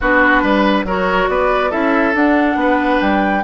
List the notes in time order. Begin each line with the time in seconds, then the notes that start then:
0.00 B3 D4 F#4 B4
0.42 G3 B4
0.84 F#3 F#4 A#4 C#5
1.28 B3 B4 D5
1.70 C#4 E4 A4 E5
2.14 D4 F#5
2.55 B3 B4
3.00 G3 G5